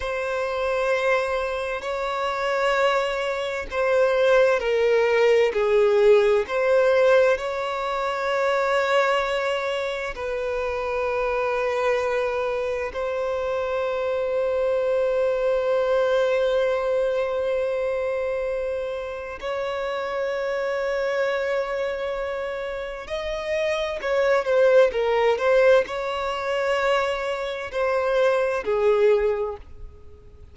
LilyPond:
\new Staff \with { instrumentName = "violin" } { \time 4/4 \tempo 4 = 65 c''2 cis''2 | c''4 ais'4 gis'4 c''4 | cis''2. b'4~ | b'2 c''2~ |
c''1~ | c''4 cis''2.~ | cis''4 dis''4 cis''8 c''8 ais'8 c''8 | cis''2 c''4 gis'4 | }